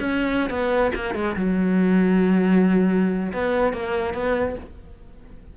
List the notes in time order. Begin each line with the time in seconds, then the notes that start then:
0.00 C#4
0.50 B3
0.95 A#3
1.15 G#3
1.36 F#3
3.33 B3
3.73 A#3
4.14 B3